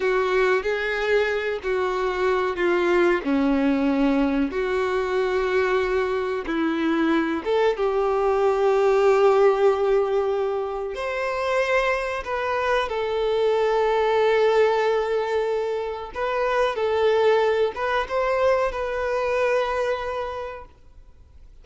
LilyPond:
\new Staff \with { instrumentName = "violin" } { \time 4/4 \tempo 4 = 93 fis'4 gis'4. fis'4. | f'4 cis'2 fis'4~ | fis'2 e'4. a'8 | g'1~ |
g'4 c''2 b'4 | a'1~ | a'4 b'4 a'4. b'8 | c''4 b'2. | }